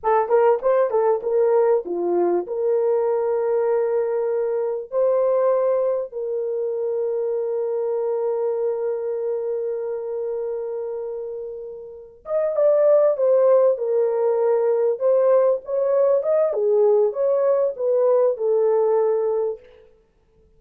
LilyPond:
\new Staff \with { instrumentName = "horn" } { \time 4/4 \tempo 4 = 98 a'8 ais'8 c''8 a'8 ais'4 f'4 | ais'1 | c''2 ais'2~ | ais'1~ |
ais'1 | dis''8 d''4 c''4 ais'4.~ | ais'8 c''4 cis''4 dis''8 gis'4 | cis''4 b'4 a'2 | }